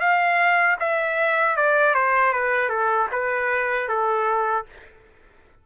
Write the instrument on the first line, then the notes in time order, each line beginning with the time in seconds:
trumpet
0.00 F5
0.80 E5
1.57 D5
1.94 C5
2.33 B4
2.69 A4
3.12 B4
3.88 A4